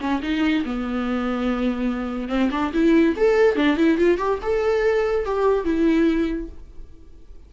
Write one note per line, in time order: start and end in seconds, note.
0.00 0.21 C#4
0.22 0.64 D#4
0.65 2.29 B3
2.29 2.50 C4
2.51 2.72 D4
2.73 3.15 E4
3.16 3.56 A4
3.56 3.77 D4
3.77 3.98 E4
3.98 4.18 F4
4.18 4.39 G4
4.42 5.25 A4
5.25 5.65 G4
5.65 6.48 E4